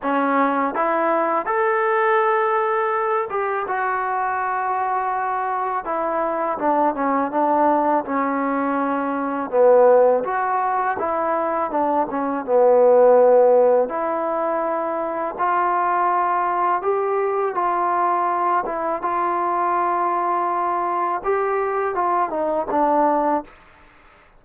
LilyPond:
\new Staff \with { instrumentName = "trombone" } { \time 4/4 \tempo 4 = 82 cis'4 e'4 a'2~ | a'8 g'8 fis'2. | e'4 d'8 cis'8 d'4 cis'4~ | cis'4 b4 fis'4 e'4 |
d'8 cis'8 b2 e'4~ | e'4 f'2 g'4 | f'4. e'8 f'2~ | f'4 g'4 f'8 dis'8 d'4 | }